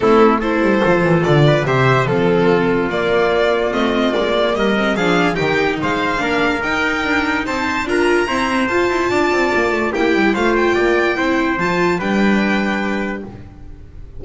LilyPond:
<<
  \new Staff \with { instrumentName = "violin" } { \time 4/4 \tempo 4 = 145 a'4 c''2 d''4 | e''4 a'2 d''4~ | d''4 dis''4 d''4 dis''4 | f''4 g''4 f''2 |
g''2 a''4 ais''4~ | ais''4 a''2. | g''4 f''8 g''2~ g''8 | a''4 g''2. | }
  \new Staff \with { instrumentName = "trumpet" } { \time 4/4 e'4 a'2~ a'8 b'8 | c''4 f'2.~ | f'2. ais'4 | gis'4 g'4 c''4 ais'4~ |
ais'2 c''4 ais'4 | c''2 d''2 | g'4 c''4 d''4 c''4~ | c''4 b'2. | }
  \new Staff \with { instrumentName = "viola" } { \time 4/4 c'4 e'4 f'2 | g'4 c'2 ais4~ | ais4 c'4 ais4. c'8 | d'4 dis'2 d'4 |
dis'2. f'4 | c'4 f'2. | e'4 f'2 e'4 | f'4 d'2. | }
  \new Staff \with { instrumentName = "double bass" } { \time 4/4 a4. g8 f8 e8 d4 | c4 f2 ais4~ | ais4 a4 gis4 g4 | f4 dis4 gis4 ais4 |
dis'4 d'4 c'4 d'4 | e'4 f'8 e'8 d'8 c'8 ais8 a8 | ais8 g8 a4 ais4 c'4 | f4 g2. | }
>>